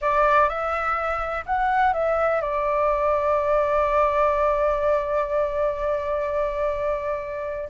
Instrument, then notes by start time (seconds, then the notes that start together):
flute
0.01 D5
0.48 E5
1.45 F#5
1.93 E5
2.41 D5